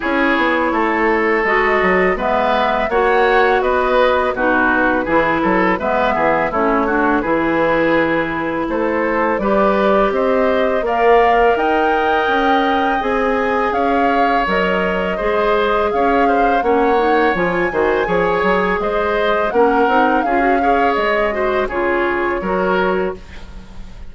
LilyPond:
<<
  \new Staff \with { instrumentName = "flute" } { \time 4/4 \tempo 4 = 83 cis''2 dis''4 e''4 | fis''4 dis''4 b'2 | e''4 cis''4 b'2 | c''4 d''4 dis''4 f''4 |
g''2 gis''4 f''4 | dis''2 f''4 fis''4 | gis''2 dis''4 fis''4 | f''4 dis''4 cis''2 | }
  \new Staff \with { instrumentName = "oboe" } { \time 4/4 gis'4 a'2 b'4 | cis''4 b'4 fis'4 gis'8 a'8 | b'8 gis'8 e'8 fis'8 gis'2 | a'4 b'4 c''4 d''4 |
dis''2. cis''4~ | cis''4 c''4 cis''8 c''8 cis''4~ | cis''8 c''8 cis''4 c''4 ais'4 | gis'8 cis''4 c''8 gis'4 ais'4 | }
  \new Staff \with { instrumentName = "clarinet" } { \time 4/4 e'2 fis'4 b4 | fis'2 dis'4 e'4 | b4 cis'8 d'8 e'2~ | e'4 g'2 ais'4~ |
ais'2 gis'2 | ais'4 gis'2 cis'8 dis'8 | f'8 fis'8 gis'2 cis'8 dis'8 | f'16 fis'16 gis'4 fis'8 f'4 fis'4 | }
  \new Staff \with { instrumentName = "bassoon" } { \time 4/4 cis'8 b8 a4 gis8 fis8 gis4 | ais4 b4 b,4 e8 fis8 | gis8 e8 a4 e2 | a4 g4 c'4 ais4 |
dis'4 cis'4 c'4 cis'4 | fis4 gis4 cis'4 ais4 | f8 dis8 f8 fis8 gis4 ais8 c'8 | cis'4 gis4 cis4 fis4 | }
>>